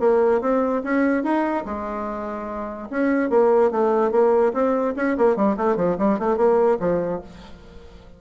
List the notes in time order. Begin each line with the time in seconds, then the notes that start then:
0.00 A#3
0.41 C4
0.84 C#4
1.23 D#4
1.66 G#3
2.90 C#4
3.30 A#3
3.71 A3
4.12 A#3
4.54 C4
4.97 C#4
5.17 A#3
5.36 G3
5.57 A3
5.77 F3
5.99 G3
6.19 A3
6.37 A#3
6.80 F3